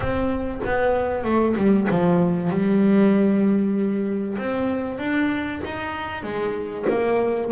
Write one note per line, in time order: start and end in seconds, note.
0.00 0.60 C4
0.65 1.24 B3
1.24 1.55 A3
1.56 1.87 G3
1.90 2.49 F3
2.49 4.37 G3
4.38 4.98 C4
4.98 5.61 D4
5.64 6.23 D#4
6.23 6.85 G#3
6.89 7.51 A#3